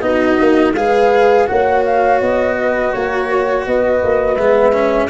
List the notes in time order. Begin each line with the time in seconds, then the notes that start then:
0.00 B3 D#4 F#4 D#5
0.39 A#3
0.74 G#3 G#4 B4 F5
1.47 A#3 F#4 C#5 F#5
1.84 F5
2.20 B3 D#5
2.60 B4
2.92 A#3 A#4 C#5
3.29 C#5
3.66 B3 B4 D#5
4.03 A#3
4.36 G#3 B3 E5
4.72 C#4